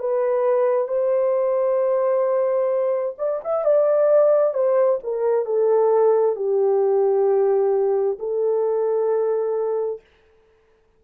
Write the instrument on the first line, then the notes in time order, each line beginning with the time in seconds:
horn
0.00 B4
0.88 C5
3.19 D5
3.44 E5
3.65 D5
4.54 C5
5.04 A#4
5.46 A4
6.36 G4
8.19 A4